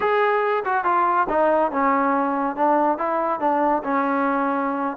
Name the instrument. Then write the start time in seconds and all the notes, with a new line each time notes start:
trombone
0.00 G#4
0.64 F#4
0.84 F4
1.29 D#4
1.71 C#4
2.56 D4
2.98 E4
3.40 D4
3.83 C#4